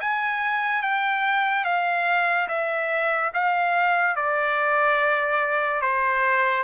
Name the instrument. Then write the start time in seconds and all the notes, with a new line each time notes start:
trumpet
0.00 G#5
0.82 G5
1.64 F5
2.48 E5
3.34 F5
4.16 D5
5.81 C5